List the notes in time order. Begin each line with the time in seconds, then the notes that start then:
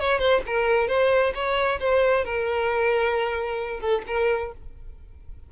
0.00 C#5
0.19 C5
0.47 A#4
0.88 C5
1.35 C#5
1.80 C5
2.25 A#4
3.80 A4
4.07 A#4